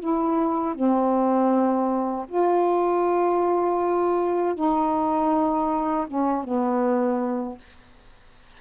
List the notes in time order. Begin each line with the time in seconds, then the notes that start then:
0.00 E4
0.75 C4
2.29 F4
4.55 D#4
6.08 C#4
6.45 B3